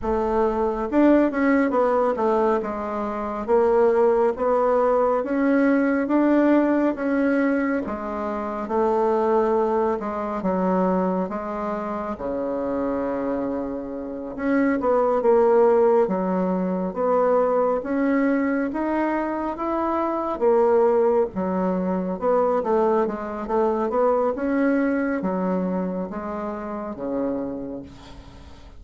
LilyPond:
\new Staff \with { instrumentName = "bassoon" } { \time 4/4 \tempo 4 = 69 a4 d'8 cis'8 b8 a8 gis4 | ais4 b4 cis'4 d'4 | cis'4 gis4 a4. gis8 | fis4 gis4 cis2~ |
cis8 cis'8 b8 ais4 fis4 b8~ | b8 cis'4 dis'4 e'4 ais8~ | ais8 fis4 b8 a8 gis8 a8 b8 | cis'4 fis4 gis4 cis4 | }